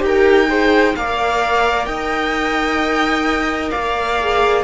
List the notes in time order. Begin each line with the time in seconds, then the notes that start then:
0.00 D#4 G4 A#4 G5
0.49 G#4 C5
0.96 A#3 A#4 D5 F5
1.86 D#4 D#5 G5
3.71 A#3 D5 F5
4.21 G#4